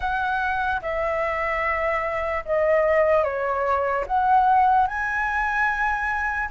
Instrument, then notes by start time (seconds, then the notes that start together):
flute
0.00 F#5
0.81 E5
2.45 D#5
3.23 C#5
4.07 F#5
4.87 G#5